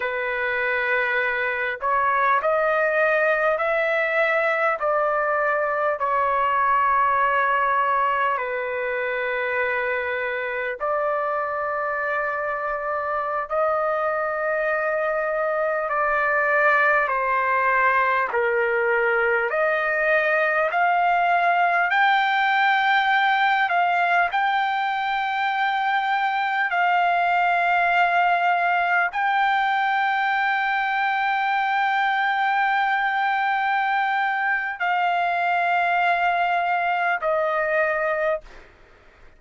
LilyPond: \new Staff \with { instrumentName = "trumpet" } { \time 4/4 \tempo 4 = 50 b'4. cis''8 dis''4 e''4 | d''4 cis''2 b'4~ | b'4 d''2~ d''16 dis''8.~ | dis''4~ dis''16 d''4 c''4 ais'8.~ |
ais'16 dis''4 f''4 g''4. f''16~ | f''16 g''2 f''4.~ f''16~ | f''16 g''2.~ g''8.~ | g''4 f''2 dis''4 | }